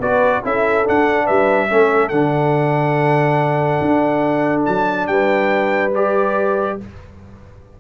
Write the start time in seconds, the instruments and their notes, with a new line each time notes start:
0.00 tuba B3, trombone F#4, horn B4, trumpet D5
0.44 tuba C#4, trombone E4, horn A4, trumpet E5
0.85 trombone D4, tuba D4, trumpet F#5
1.25 tuba G3, horn B4, trumpet E5
1.70 tuba A3, trombone C#4, horn A4
2.09 tuba D3, trombone D4, trumpet F#5
3.82 tuba D4
4.66 tuba F#3, trumpet A5
5.07 tuba G3, horn B4, trumpet G5
5.95 trombone G4, trumpet D5